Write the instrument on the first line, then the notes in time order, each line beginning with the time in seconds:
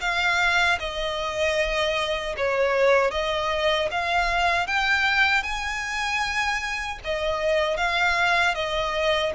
violin
0.00 F5
0.79 D#5
2.37 C#5
3.11 D#5
3.90 F5
4.67 G5
5.43 G#5
7.04 D#5
7.76 F5
8.54 D#5